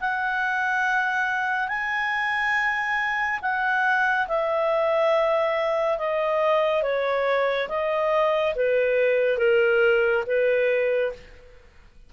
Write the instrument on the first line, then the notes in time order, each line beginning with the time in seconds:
clarinet
0.00 F#5
1.68 G#5
3.41 F#5
4.27 E5
5.98 D#5
6.82 C#5
7.68 D#5
8.55 B4
9.38 A#4
10.26 B4